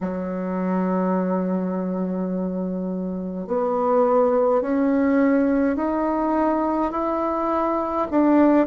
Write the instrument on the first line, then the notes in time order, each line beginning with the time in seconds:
bassoon
0.01 F#3
3.47 B3
4.62 C#4
5.76 D#4
6.91 E4
8.11 D4